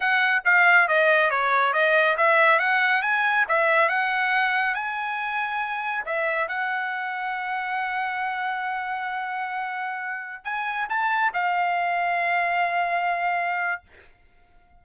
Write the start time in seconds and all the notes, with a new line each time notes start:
0.00 F#5
0.44 F5
0.88 D#5
1.30 C#5
1.73 D#5
2.17 E5
2.59 F#5
3.01 G#5
3.48 E5
3.88 F#5
4.74 G#5
6.05 E5
6.48 F#5
10.44 G#5
10.89 A5
11.33 F5